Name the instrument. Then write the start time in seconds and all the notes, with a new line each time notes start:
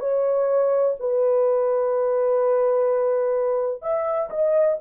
horn
0.00 C#5
1.00 B4
3.82 E5
4.30 D#5